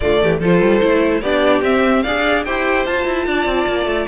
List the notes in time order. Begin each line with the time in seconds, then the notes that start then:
0.00 D3 A3 F4 D5
0.22 E3 G4
0.39 F3 F4 A4
0.45 C5
0.60 G3
0.81 A3 E4
1.21 B3 D4 G4 D5
1.61 C4 E5
2.02 D4 G#4 D5 F5
2.45 E4 G4 C5 G5
2.85 F4 A5
3.06 E4
3.26 D4 D5
3.45 C4
3.67 A#3
3.85 A3